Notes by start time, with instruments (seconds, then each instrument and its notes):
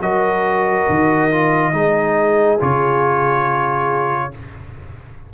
0.00 tuba F#3, trombone F#4, horn A#4, trumpet D#5
0.89 tuba D#3
1.31 trombone F4
1.73 tuba G#3, trombone D#4, horn G#4
2.60 tuba C#3, trombone F4, trumpet C#5